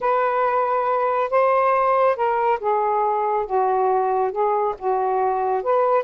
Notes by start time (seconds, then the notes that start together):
0.00 B4
1.30 C5
2.16 A#4
2.60 G#4
3.46 F#4
4.31 G#4
4.78 F#4
5.63 B4